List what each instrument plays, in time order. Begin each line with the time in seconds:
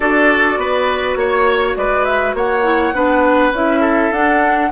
0.00 bassoon D4, clarinet F#4, oboe A4, flute D5
0.57 bassoon B3, oboe B4
1.15 bassoon A#3, flute C#5, oboe C#5
1.76 bassoon G#3, oboe B4, flute D5
2.05 flute E5
2.34 bassoon A#3, oboe C#5, flute F#5
2.63 clarinet E4
2.94 bassoon B3, clarinet D4, oboe B4
3.51 bassoon C#4, clarinet E4, flute E5
3.80 oboe A4
4.11 bassoon D4, clarinet D4, flute F#5